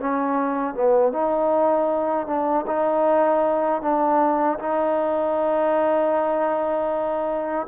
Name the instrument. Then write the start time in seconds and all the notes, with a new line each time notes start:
trombone
0.00 C#4
0.74 B3
1.12 D#4
2.27 D4
2.67 D#4
3.81 D4
4.59 D#4